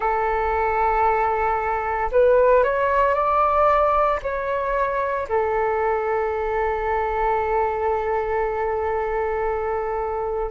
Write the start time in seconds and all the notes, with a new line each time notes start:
0.00 A4
2.11 B4
2.63 C#5
3.14 D5
4.22 C#5
5.28 A4